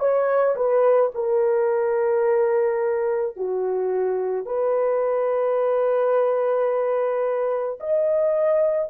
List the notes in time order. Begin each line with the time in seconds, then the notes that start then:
0.00 C#5
0.56 B4
1.15 A#4
3.37 F#4
4.46 B4
7.80 D#5